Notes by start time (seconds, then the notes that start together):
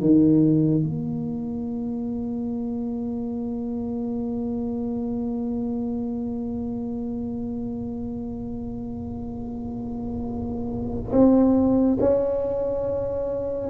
0.00 D#3
0.83 A#3
11.12 C4
12.00 C#4